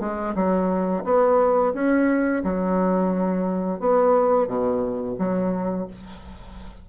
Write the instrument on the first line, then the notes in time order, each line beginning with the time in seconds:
bassoon
0.00 G#3
0.35 F#3
1.04 B3
1.74 C#4
2.44 F#3
3.80 B3
4.48 B2
5.19 F#3